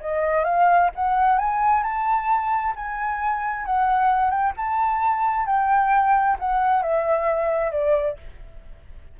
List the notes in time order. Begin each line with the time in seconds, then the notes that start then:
0.00 D#5
0.44 F5
0.95 F#5
1.38 G#5
1.83 A5
2.75 G#5
3.65 F#5
4.30 G5
4.56 A5
5.46 G5
6.39 F#5
6.82 E5
7.71 D5